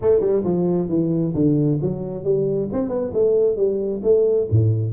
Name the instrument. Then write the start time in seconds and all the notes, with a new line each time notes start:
tuba
0.01 A3
0.20 G3
0.44 F3
0.89 E3
1.34 D3
1.81 F#3
2.24 G3
2.72 C4
2.88 B3
3.13 A3
3.56 G3
4.03 A3
4.50 A2